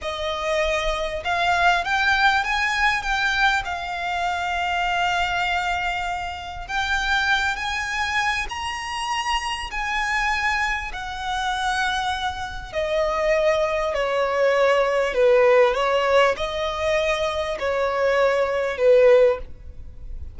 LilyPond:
\new Staff \with { instrumentName = "violin" } { \time 4/4 \tempo 4 = 99 dis''2 f''4 g''4 | gis''4 g''4 f''2~ | f''2. g''4~ | g''8 gis''4. ais''2 |
gis''2 fis''2~ | fis''4 dis''2 cis''4~ | cis''4 b'4 cis''4 dis''4~ | dis''4 cis''2 b'4 | }